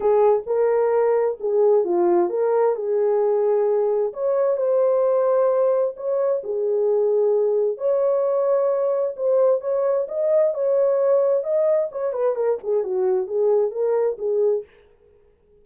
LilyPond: \new Staff \with { instrumentName = "horn" } { \time 4/4 \tempo 4 = 131 gis'4 ais'2 gis'4 | f'4 ais'4 gis'2~ | gis'4 cis''4 c''2~ | c''4 cis''4 gis'2~ |
gis'4 cis''2. | c''4 cis''4 dis''4 cis''4~ | cis''4 dis''4 cis''8 b'8 ais'8 gis'8 | fis'4 gis'4 ais'4 gis'4 | }